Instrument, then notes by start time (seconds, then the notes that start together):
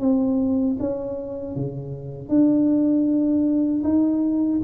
tuba
0.00 C4
0.79 C#4
1.56 C#3
2.29 D4
3.84 D#4